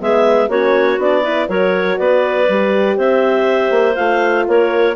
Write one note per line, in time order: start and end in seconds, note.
0.00 0.48 G#3
0.00 0.49 B3
0.00 0.48 G#4
0.00 0.50 E5
0.48 0.98 A#3
0.48 0.98 C#4
0.48 1.21 F#4
0.48 0.99 C#5
0.98 1.47 B3
0.98 1.23 D4
0.98 1.49 D5
1.21 1.48 E4
1.21 1.46 B4
1.48 1.98 F#3
1.48 2.47 F#4
1.48 1.98 A#4
1.48 1.98 C#5
1.98 2.48 B3
1.98 2.97 B4
1.98 2.98 D5
2.48 2.97 G3
2.48 3.96 G4
2.97 3.70 C4
2.97 4.46 C5
2.97 3.95 E5
3.70 3.95 A#3
3.95 4.48 A3
3.95 4.95 F4
3.95 4.45 F5
4.47 4.96 A#3
4.47 4.96 A#4
4.47 4.96 C#5